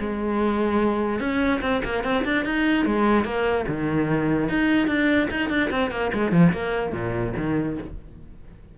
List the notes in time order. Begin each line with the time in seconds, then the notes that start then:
0.00 G#3
1.20 C#4
1.61 C4
1.84 A#3
2.04 C4
2.25 D4
2.45 D#4
2.85 G#3
3.24 A#3
3.68 D#3
4.49 D#4
4.87 D4
5.31 D#4
5.49 D4
5.71 C4
5.91 A#3
6.13 G#3
6.32 F3
6.53 A#3
6.93 A#2
7.37 D#3